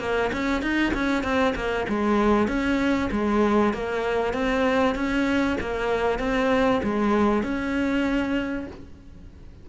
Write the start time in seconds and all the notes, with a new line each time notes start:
0.00 A#3
0.33 C#4
0.62 D#4
0.94 C#4
1.23 C4
1.55 A#3
1.89 G#3
2.48 C#4
3.12 G#3
3.73 A#3
4.34 C4
4.95 C#4
5.61 A#3
6.19 C4
6.83 G#3
7.43 C#4